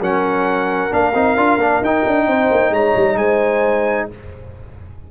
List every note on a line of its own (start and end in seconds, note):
0.00 0.91 F#3
0.00 0.91 C#4
0.00 2.26 A#4
0.00 0.93 F#5
0.91 1.15 A#3
0.91 1.13 D4
0.91 1.84 F5
1.15 1.37 C4
1.15 1.37 D#4
1.37 1.57 D4
1.37 1.60 F4
1.57 1.80 A#3
1.57 1.83 D4
1.81 2.04 D#4
1.81 4.11 D#4
1.81 2.74 G5
2.07 2.27 D4
2.27 2.50 C4
2.27 2.73 C5
2.51 2.70 A#3
2.70 2.93 G#3
2.70 3.18 C#5
2.70 3.17 A#5
2.96 3.15 G3
3.15 4.06 G#3
3.15 4.09 C5
3.15 4.08 G#5